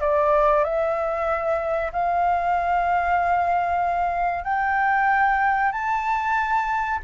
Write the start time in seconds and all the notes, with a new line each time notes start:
0.00 D5
0.64 E5
1.92 F5
4.44 G5
5.71 A5